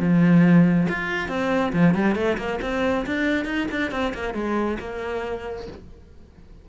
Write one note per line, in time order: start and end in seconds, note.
0.00 0.88 F3
0.89 1.29 F4
1.29 1.73 C4
1.73 1.95 F3
1.95 2.16 G3
2.16 2.38 A3
2.38 2.60 A#3
2.62 3.06 C4
3.07 3.46 D4
3.46 3.67 D#4
3.72 3.92 D4
3.92 4.14 C4
4.14 4.35 A#3
4.35 4.78 G#3
4.80 5.68 A#3